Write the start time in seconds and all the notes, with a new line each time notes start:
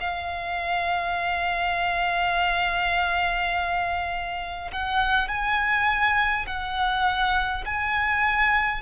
0.00 F5
4.72 F#5
5.28 G#5
6.47 F#5
7.65 G#5